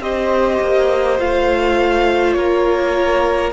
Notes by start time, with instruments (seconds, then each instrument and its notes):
0.00 cello C4, viola G4, violin C5 D#5
0.61 cello A#3
1.19 cello A3, viola F4, violin F5
2.33 cello A#3, violin A#4 C#5